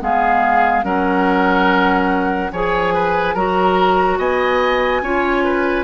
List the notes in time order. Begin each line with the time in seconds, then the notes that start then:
0.00 G#3 B3 G#4 F5
0.84 F#3 C#4 A#4 F#5
2.52 F3 G#4 C#5 G#5
2.95 B4
3.35 F#3 F#4 A#4 A#5
4.19 B3 D#5 G#5
5.02 C#4 F4 C#5
5.45 B4